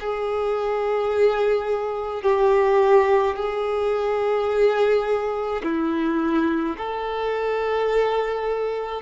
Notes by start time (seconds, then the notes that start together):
0.00 G#4
2.23 G4
3.36 G#4
5.63 E4
6.77 A4